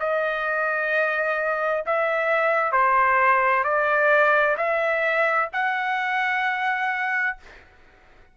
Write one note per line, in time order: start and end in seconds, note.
0.00 1.85 D#5
1.86 2.72 E5
2.72 3.64 C5
3.64 4.57 D5
4.57 5.49 E5
5.53 7.38 F#5